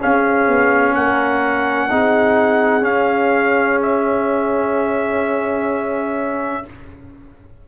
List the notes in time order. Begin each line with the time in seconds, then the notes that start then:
0.00 C#4 G#4 F5
0.47 B3
0.95 A#3 A#4 F#5
1.90 C4 D#4 G#4
2.82 C#4 F5
3.83 E5